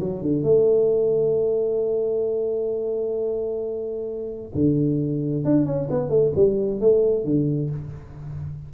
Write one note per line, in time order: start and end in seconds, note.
0.00 0.22 F#3
0.22 0.43 D3
0.43 4.52 A3
4.55 5.45 D3
5.45 5.66 D4
5.66 5.89 C#4
5.90 6.10 B3
6.10 6.32 A3
6.36 6.81 G3
6.81 7.25 A3
7.25 7.70 D3